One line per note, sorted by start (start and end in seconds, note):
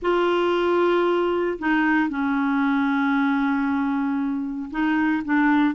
0.01 1.58 F4
1.59 2.09 D#4
2.09 4.70 C#4
4.70 5.22 D#4
5.24 5.74 D4